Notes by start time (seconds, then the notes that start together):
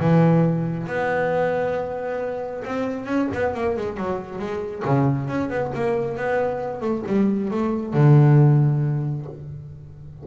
0.00 E3
0.87 B3
2.64 C4
3.06 C#4
3.33 B3
3.55 A#3
3.77 G#3
3.97 F#3
4.39 G#3
4.85 C#3
5.28 C#4
5.50 B3
5.75 A#3
6.17 B3
6.81 A3
7.07 G3
7.51 A3
7.93 D3